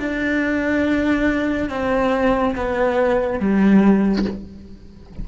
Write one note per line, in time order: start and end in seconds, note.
0.00 1.70 D4
1.70 2.56 C4
2.56 3.40 B3
3.40 4.26 G3